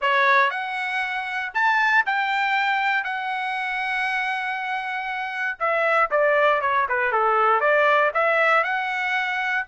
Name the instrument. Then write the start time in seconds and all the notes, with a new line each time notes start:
trumpet
0.01 C#5
0.50 F#5
1.53 A5
2.05 G5
3.03 F#5
5.59 E5
6.10 D5
6.61 C#5
6.88 B4
7.12 A4
7.60 D5
8.14 E5
8.63 F#5